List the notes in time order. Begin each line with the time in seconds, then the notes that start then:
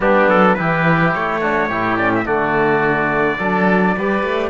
0.00 G3 B3 D4 G4
0.27 F#3 A4
0.54 E3 E4 G4 B4
1.13 A3 C#5
1.40 D4 F#4
1.68 A2 E4 G4
1.97 C#4 D5
2.15 E5
2.24 D3 A3 F#4 D5
3.38 F#3 D4 A4
3.97 G3 G4 B4
4.23 A3